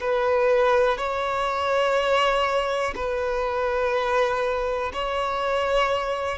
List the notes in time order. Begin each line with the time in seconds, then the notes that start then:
0.00 B4
0.97 C#5
2.95 B4
4.93 C#5